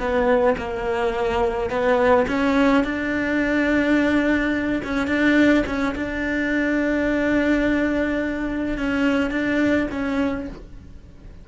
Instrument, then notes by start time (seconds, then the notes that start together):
cello
0.00 B3
0.58 A#3
1.70 B3
2.28 C#4
2.84 D4
4.85 C#4
5.08 D4
5.67 C#4
5.95 D4
8.78 C#4
9.31 D4
9.92 C#4